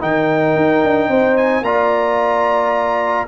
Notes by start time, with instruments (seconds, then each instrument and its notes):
0.00 tuba D#3, trombone D#4, horn A#4, trumpet G5
0.56 tuba D#4
0.84 tuba D4
1.08 tuba C4, horn C5
1.37 trumpet G#5
1.62 tuba A#3, trombone F4, horn D5, trumpet A#5